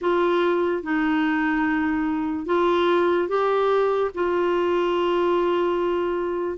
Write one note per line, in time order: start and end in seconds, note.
0.01 0.82 F4
0.82 2.46 D#4
2.46 3.28 F4
3.28 4.10 G4
4.14 6.58 F4